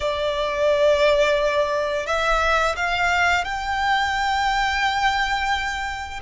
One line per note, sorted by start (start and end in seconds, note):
0.00 2.06 D5
2.06 2.75 E5
2.76 3.44 F5
3.44 6.20 G5